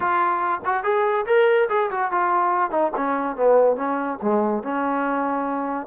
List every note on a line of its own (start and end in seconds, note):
0.00 0.60 F4
0.65 0.83 F#4
0.83 1.25 G#4
1.26 1.68 A#4
1.69 1.90 G#4
1.90 2.11 F#4
2.11 2.70 F4
2.70 2.91 D#4
2.96 3.36 C#4
3.36 3.76 B3
3.76 4.18 C#4
4.22 4.63 G#3
4.63 5.86 C#4